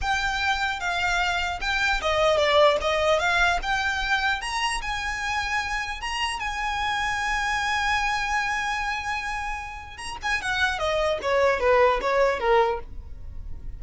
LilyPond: \new Staff \with { instrumentName = "violin" } { \time 4/4 \tempo 4 = 150 g''2 f''2 | g''4 dis''4 d''4 dis''4 | f''4 g''2 ais''4 | gis''2. ais''4 |
gis''1~ | gis''1~ | gis''4 ais''8 gis''8 fis''4 dis''4 | cis''4 b'4 cis''4 ais'4 | }